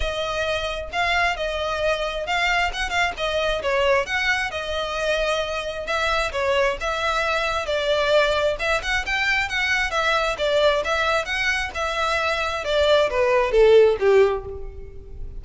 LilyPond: \new Staff \with { instrumentName = "violin" } { \time 4/4 \tempo 4 = 133 dis''2 f''4 dis''4~ | dis''4 f''4 fis''8 f''8 dis''4 | cis''4 fis''4 dis''2~ | dis''4 e''4 cis''4 e''4~ |
e''4 d''2 e''8 fis''8 | g''4 fis''4 e''4 d''4 | e''4 fis''4 e''2 | d''4 b'4 a'4 g'4 | }